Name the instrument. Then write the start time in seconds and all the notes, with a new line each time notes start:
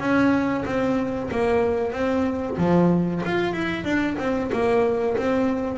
double bass
0.00 C#4
0.66 C4
1.32 A#3
1.93 C4
2.58 F3
3.26 F4
3.53 E4
3.85 D4
4.19 C4
4.53 A#3
5.18 C4